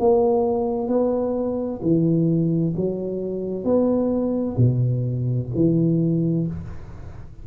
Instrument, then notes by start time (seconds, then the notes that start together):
tuba
0.00 A#3
0.88 B3
1.82 E3
2.76 F#3
3.64 B3
4.57 B2
5.55 E3